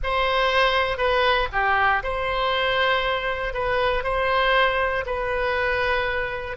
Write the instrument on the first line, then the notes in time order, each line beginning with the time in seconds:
oboe
0.03 C5
0.97 B4
1.52 G4
2.03 C5
3.53 B4
4.03 C5
5.06 B4